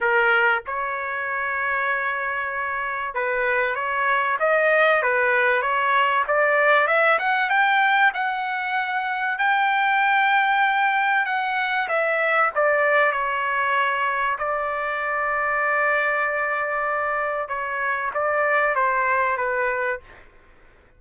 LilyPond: \new Staff \with { instrumentName = "trumpet" } { \time 4/4 \tempo 4 = 96 ais'4 cis''2.~ | cis''4 b'4 cis''4 dis''4 | b'4 cis''4 d''4 e''8 fis''8 | g''4 fis''2 g''4~ |
g''2 fis''4 e''4 | d''4 cis''2 d''4~ | d''1 | cis''4 d''4 c''4 b'4 | }